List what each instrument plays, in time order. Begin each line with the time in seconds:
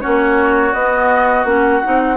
0.00 bassoon A#3, clarinet C#4, oboe F#4, flute C#5
0.73 bassoon B3, clarinet B3, flute D#5
1.45 bassoon A#3, clarinet C#4, flute F#5
1.83 bassoon C4, clarinet D#4